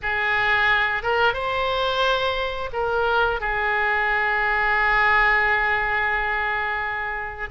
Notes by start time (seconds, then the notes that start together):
0.02 G#4
1.03 A#4
1.33 C5
2.72 A#4
3.40 G#4